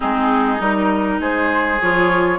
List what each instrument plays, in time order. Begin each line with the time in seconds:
0.00 bassoon G#3, clarinet C4, oboe D#4, flute G#4
0.58 bassoon G3, clarinet D#4, flute A#4
1.19 bassoon G#3, oboe G#4, flute C5
1.81 bassoon F3, clarinet F4, flute C#5